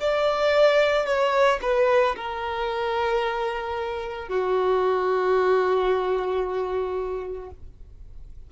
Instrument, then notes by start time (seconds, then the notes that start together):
violin
0.00 D5
1.06 C#5
1.62 B4
2.16 A#4
4.29 F#4